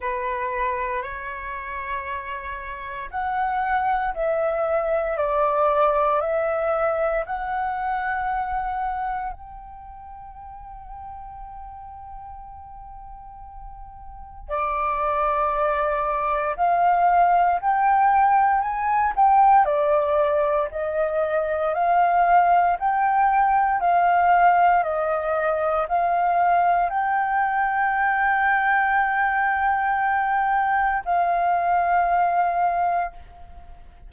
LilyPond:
\new Staff \with { instrumentName = "flute" } { \time 4/4 \tempo 4 = 58 b'4 cis''2 fis''4 | e''4 d''4 e''4 fis''4~ | fis''4 g''2.~ | g''2 d''2 |
f''4 g''4 gis''8 g''8 d''4 | dis''4 f''4 g''4 f''4 | dis''4 f''4 g''2~ | g''2 f''2 | }